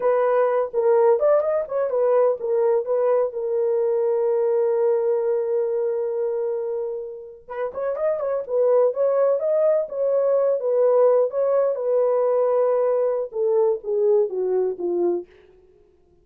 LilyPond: \new Staff \with { instrumentName = "horn" } { \time 4/4 \tempo 4 = 126 b'4. ais'4 d''8 dis''8 cis''8 | b'4 ais'4 b'4 ais'4~ | ais'1~ | ais'2.~ ais'8. b'16~ |
b'16 cis''8 dis''8 cis''8 b'4 cis''4 dis''16~ | dis''8. cis''4. b'4. cis''16~ | cis''8. b'2.~ b'16 | a'4 gis'4 fis'4 f'4 | }